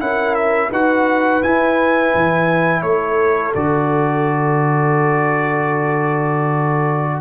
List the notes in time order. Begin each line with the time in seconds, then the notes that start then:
0.00 C#4 E4 A#4 F#5
0.35 E5
0.69 D#4 F#4 B4 F#5
1.43 E4 G#5
2.15 E3
2.82 A3 A4 C#5
3.55 D3 F#4 D5